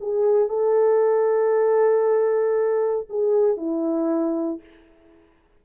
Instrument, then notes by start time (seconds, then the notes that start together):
horn
0.00 G#4
0.48 A4
3.09 G#4
3.57 E4